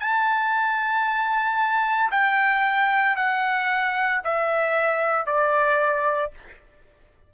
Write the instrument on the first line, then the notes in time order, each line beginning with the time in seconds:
trumpet
0.00 A5
2.11 G5
3.16 F#5
4.24 E5
5.27 D5